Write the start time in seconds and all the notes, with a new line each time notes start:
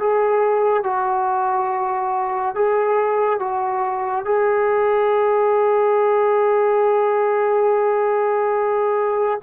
0.00 G#4
0.84 F#4
2.56 G#4
3.40 F#4
4.25 G#4